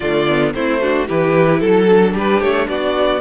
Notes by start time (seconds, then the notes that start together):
0.00 D3 A3 F4 D5
0.28 B3
0.53 A3 C4 E4 C5
0.81 D4 F#4
1.06 E3 E4 G4 B4
1.60 F#3 A4
1.88 D4
2.14 G3 G4 B4
2.40 A3 C#5
2.68 B3 F#4 D5